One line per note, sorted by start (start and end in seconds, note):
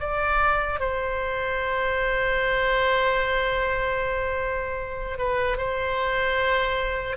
0.00 0.80 D5
0.80 5.18 C5
5.18 5.57 B4
5.57 7.17 C5